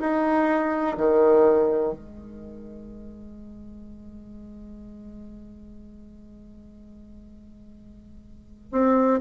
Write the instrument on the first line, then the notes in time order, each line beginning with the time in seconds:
bassoon
0.00 D#4
0.97 D#3
1.93 G#3
8.72 C4